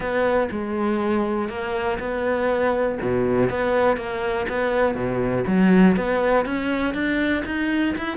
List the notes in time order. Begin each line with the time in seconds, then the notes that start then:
0.00 B3
0.51 G#3
1.48 A#3
1.99 B3
3.01 B2
3.49 B3
3.96 A#3
4.48 B3
4.95 B2
5.47 F#3
5.96 B3
6.45 C#4
6.94 D4
7.45 D#4
7.97 E4